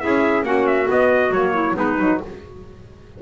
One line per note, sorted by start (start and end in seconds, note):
0.00 0.43 C#4
0.00 0.44 E4
0.00 0.46 G#4
0.00 0.44 E5
0.43 0.87 A#3
0.43 0.85 C#4
0.43 1.54 F#4
0.43 0.67 F#5
0.67 0.89 E5
0.85 1.29 B3
0.85 1.31 B3
0.85 1.33 D#5
1.31 1.75 F#3
1.31 1.75 A#3
1.31 1.77 C#5
1.54 1.75 E4
1.75 1.99 G#3
1.75 1.97 B3
1.75 2.19 D#4
1.75 2.23 B4
1.99 2.21 F#3
1.99 2.22 D#4